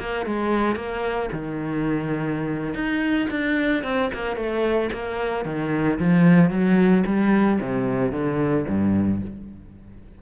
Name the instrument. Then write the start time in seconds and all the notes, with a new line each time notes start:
cello
0.00 A#3
0.26 G#3
0.76 A#3
1.33 D#3
2.75 D#4
3.31 D4
3.84 C4
4.14 A#3
4.37 A3
4.93 A#3
5.45 D#3
6.00 F3
6.51 F#3
7.07 G3
7.61 C3
8.12 D3
8.68 G2